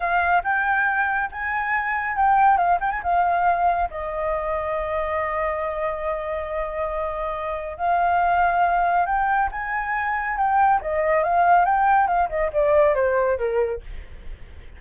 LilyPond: \new Staff \with { instrumentName = "flute" } { \time 4/4 \tempo 4 = 139 f''4 g''2 gis''4~ | gis''4 g''4 f''8 g''16 gis''16 f''4~ | f''4 dis''2.~ | dis''1~ |
dis''2 f''2~ | f''4 g''4 gis''2 | g''4 dis''4 f''4 g''4 | f''8 dis''8 d''4 c''4 ais'4 | }